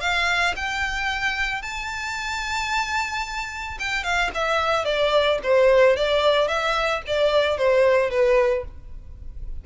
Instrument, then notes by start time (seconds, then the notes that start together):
violin
0.00 F5
0.56 G5
1.62 A5
3.79 G5
4.03 F5
4.34 E5
4.85 D5
5.43 C5
5.96 D5
6.48 E5
7.07 D5
7.57 C5
8.10 B4